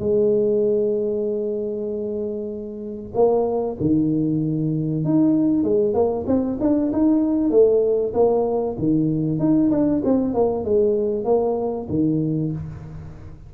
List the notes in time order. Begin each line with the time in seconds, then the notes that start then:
0.00 G#3
3.14 A#3
3.81 D#3
5.05 D#4
5.64 G#3
5.94 A#3
6.27 C4
6.61 D4
6.92 D#4
7.51 A3
8.14 A#3
8.79 D#3
9.39 D#4
9.71 D4
10.05 C4
10.34 A#3
10.65 G#3
11.25 A#3
11.89 D#3